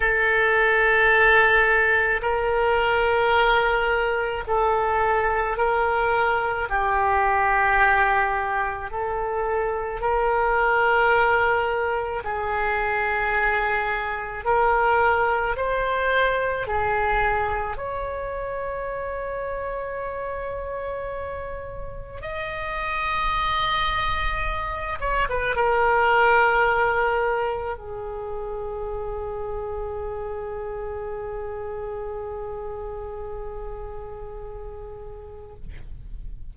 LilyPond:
\new Staff \with { instrumentName = "oboe" } { \time 4/4 \tempo 4 = 54 a'2 ais'2 | a'4 ais'4 g'2 | a'4 ais'2 gis'4~ | gis'4 ais'4 c''4 gis'4 |
cis''1 | dis''2~ dis''8 cis''16 b'16 ais'4~ | ais'4 gis'2.~ | gis'1 | }